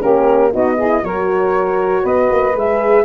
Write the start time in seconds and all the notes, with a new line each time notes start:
0.00 A#3 C#4 G4 A#4
0.51 B3 D#4 F#4 D#5
0.76 E4 G#4
1.02 F#3 F#4 A#4 C#5
2.02 B3 B4 D#5
2.31 A#3
2.55 G#3 G#4 E5